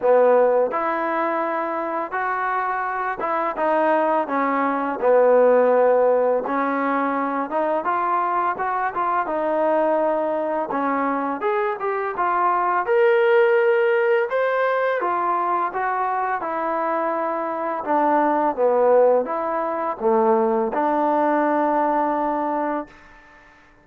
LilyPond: \new Staff \with { instrumentName = "trombone" } { \time 4/4 \tempo 4 = 84 b4 e'2 fis'4~ | fis'8 e'8 dis'4 cis'4 b4~ | b4 cis'4. dis'8 f'4 | fis'8 f'8 dis'2 cis'4 |
gis'8 g'8 f'4 ais'2 | c''4 f'4 fis'4 e'4~ | e'4 d'4 b4 e'4 | a4 d'2. | }